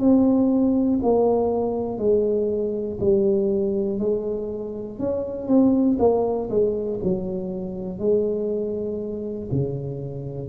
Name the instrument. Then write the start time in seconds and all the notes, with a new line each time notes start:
tuba
0.00 C4
1.03 A#3
1.99 G#3
3.00 G3
4.00 G#3
4.99 C#4
5.48 C4
5.99 A#3
6.50 G#3
7.04 F#3
7.99 G#3
9.51 C#3